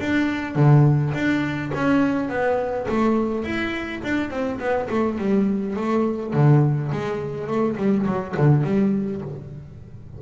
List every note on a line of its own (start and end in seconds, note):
0.00 0.56 D4
0.56 1.13 D3
1.14 1.72 D4
1.74 2.29 C#4
2.29 2.87 B3
2.89 3.44 A3
3.44 4.02 E4
4.04 4.30 D4
4.30 4.59 C4
4.59 4.88 B3
4.90 5.18 A3
5.18 5.76 G3
5.76 6.33 A3
6.33 6.91 D3
6.92 7.47 G#3
7.47 7.76 A3
7.77 8.06 G3
8.06 8.35 F#3
8.37 8.64 D3
8.64 9.22 G3